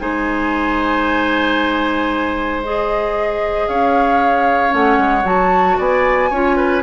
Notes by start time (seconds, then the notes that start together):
0.00 G#3 D#4 C5 G#5
2.63 G#4 D#5
3.68 C#4 C#5 F5
4.70 A3 C#4 F#5
4.98 G#3
5.25 F#3 F#4 A5
5.78 B3 D5 G#5
6.30 C#4 F4 C#5
6.57 B4